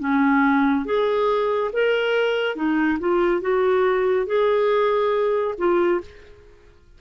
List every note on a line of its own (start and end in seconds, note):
0.00 0.85 C#4
0.85 1.71 G#4
1.73 2.56 A#4
2.56 2.99 D#4
3.00 3.42 F4
3.42 4.27 F#4
4.27 5.55 G#4
5.58 6.01 F4